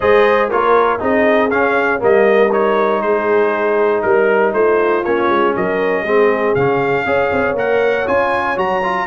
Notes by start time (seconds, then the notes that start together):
0.00 G#3 G#4 C5 D#5
0.49 A#3 F4 A#4 C#5
0.99 C4 D#4 G#4 D#5
1.50 C#4 F5
1.99 G3 A#3 A#4 D#5
2.52 D#4 C#5
3.01 G#3 G#4 C5
4.02 G3 A#4
4.53 A3 F4 C5
5.03 A#3 C#4 C#5
5.29 G#3
5.56 F#3 A#4 D#5
6.02 G#3 C4 G#4
6.54 C#3 C#4 F5
7.04 C#4 G#4 C#5
7.32 C4
7.53 A#3 A#4 F#5
8.06 C#4 F4 G#5
8.55 F#3 F#4 A#5
8.83 F4